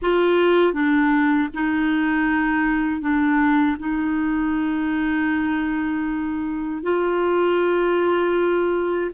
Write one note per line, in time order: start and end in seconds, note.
0.02 0.72 F4
0.72 1.48 D4
1.54 3.01 D#4
3.01 3.77 D4
3.79 6.83 D#4
6.83 9.10 F4